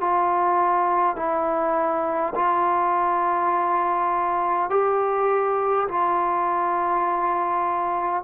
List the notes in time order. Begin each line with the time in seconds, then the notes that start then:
0.00 F4
1.16 E4
2.35 F4
4.70 G4
5.88 F4